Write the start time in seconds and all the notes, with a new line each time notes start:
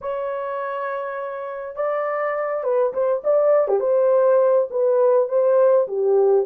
0.01 C#5
1.75 D5
2.63 B4
2.93 C5
3.24 D5
3.68 G4
3.80 C5
4.70 B4
5.28 C5
5.87 G4